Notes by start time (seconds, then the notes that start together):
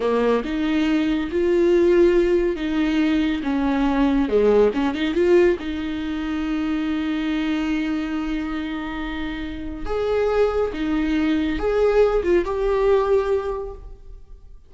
0.00 A#3
0.44 D#4
1.31 F4
2.56 D#4
3.43 C#4
4.29 G#3
4.74 C#4
4.94 D#4
5.14 F4
5.59 D#4
9.85 G#4
10.73 D#4
11.58 G#4
12.23 F4
12.45 G4